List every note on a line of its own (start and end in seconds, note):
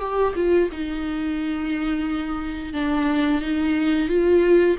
0.00 0.34 G4
0.36 0.70 F4
0.72 2.74 D#4
2.74 3.42 D4
3.42 4.09 D#4
4.09 4.77 F4